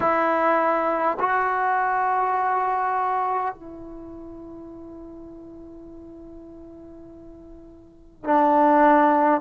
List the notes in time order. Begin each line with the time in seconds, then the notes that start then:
0.00 E4
1.19 F#4
3.54 E4
8.24 D4